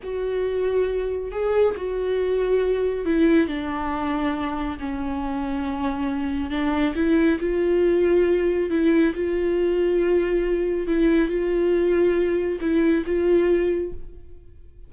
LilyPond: \new Staff \with { instrumentName = "viola" } { \time 4/4 \tempo 4 = 138 fis'2. gis'4 | fis'2. e'4 | d'2. cis'4~ | cis'2. d'4 |
e'4 f'2. | e'4 f'2.~ | f'4 e'4 f'2~ | f'4 e'4 f'2 | }